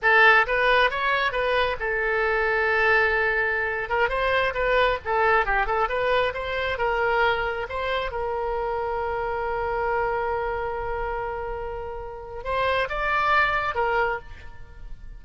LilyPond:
\new Staff \with { instrumentName = "oboe" } { \time 4/4 \tempo 4 = 135 a'4 b'4 cis''4 b'4 | a'1~ | a'8. ais'8 c''4 b'4 a'8.~ | a'16 g'8 a'8 b'4 c''4 ais'8.~ |
ais'4~ ais'16 c''4 ais'4.~ ais'16~ | ais'1~ | ais'1 | c''4 d''2 ais'4 | }